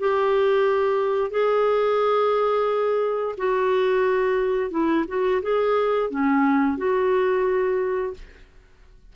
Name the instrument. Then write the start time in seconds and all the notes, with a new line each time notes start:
clarinet
0.00 G4
1.31 G#4
3.38 F#4
4.71 E4
5.08 F#4
5.43 G#4
6.11 C#4
6.77 F#4